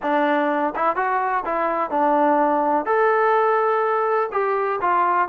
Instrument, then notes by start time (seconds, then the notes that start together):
trombone
0.02 D4
0.75 E4
0.96 F#4
1.45 E4
1.90 D4
2.85 A4
4.32 G4
4.81 F4